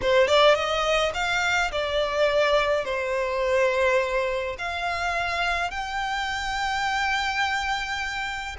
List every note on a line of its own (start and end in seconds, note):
0.01 0.27 C5
0.27 0.54 D5
0.54 1.11 D#5
1.14 1.71 F5
1.71 2.84 D5
2.84 4.56 C5
4.58 5.70 F5
5.70 8.56 G5